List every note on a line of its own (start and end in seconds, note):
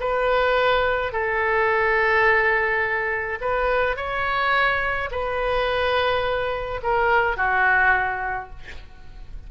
0.00 1.12 B4
1.12 3.39 A4
3.41 3.96 B4
3.96 5.10 C#5
5.11 6.81 B4
6.83 7.37 A#4
7.37 8.50 F#4